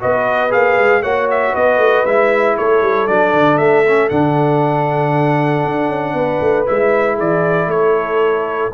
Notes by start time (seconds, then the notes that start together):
0.00 B3 F#4 B4 D#5
0.50 A#3 G#4 F5
0.78 G#3
1.03 A#3 F#4 C#5 F#5
1.31 E5
1.53 B3 B4 D#5
1.78 A3
2.06 G#3 E4 E5
2.58 A3 A4 C#5
2.82 G3
3.08 F#3 D4 D5
3.34 D3
3.58 A3 E5
3.88 C#4
4.10 D3 D4 F#5
5.65 D4
5.88 C#4
6.14 B3 B4
6.41 A3
6.67 G#3 E4 E5
7.16 E3 G#4 D5
7.68 A3 A4 C#5